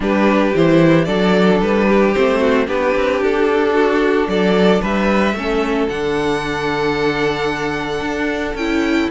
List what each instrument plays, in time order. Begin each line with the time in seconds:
0.00 cello G3, viola D4, violin G4 B4
0.55 cello E3, viola E4, violin C5
1.04 cello F#3, viola D4, violin A4 D5
1.61 cello G3, violin B4
1.87 violin G4
2.13 cello A3, viola C4, violin C5
2.39 violin F#4
2.66 cello B3, viola D4, violin G4 B4
2.95 cello C4
3.20 cello D4, violin A4
3.74 violin F#4
4.27 cello F#3, violin A4 D5
4.81 cello G3, violin B4 E5
5.33 cello A3, viola C#4, violin A4
5.88 cello D3, viola D4, violin F#5
8.00 cello D4
8.55 cello C#4, viola E4, violin G5